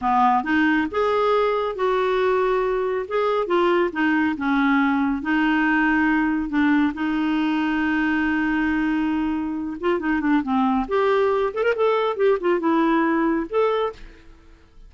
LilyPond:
\new Staff \with { instrumentName = "clarinet" } { \time 4/4 \tempo 4 = 138 b4 dis'4 gis'2 | fis'2. gis'4 | f'4 dis'4 cis'2 | dis'2. d'4 |
dis'1~ | dis'2~ dis'8 f'8 dis'8 d'8 | c'4 g'4. a'16 ais'16 a'4 | g'8 f'8 e'2 a'4 | }